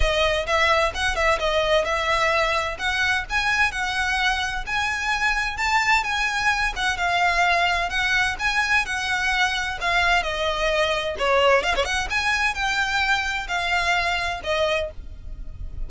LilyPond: \new Staff \with { instrumentName = "violin" } { \time 4/4 \tempo 4 = 129 dis''4 e''4 fis''8 e''8 dis''4 | e''2 fis''4 gis''4 | fis''2 gis''2 | a''4 gis''4. fis''8 f''4~ |
f''4 fis''4 gis''4 fis''4~ | fis''4 f''4 dis''2 | cis''4 f''16 cis''16 fis''8 gis''4 g''4~ | g''4 f''2 dis''4 | }